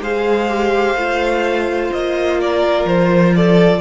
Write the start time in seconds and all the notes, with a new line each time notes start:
0.00 G#3 G#4 C5 F5
0.49 G4
0.95 A3 F4
1.93 A#3 D#5
2.41 A#4 D5
2.85 F3 C5
3.36 A4 D5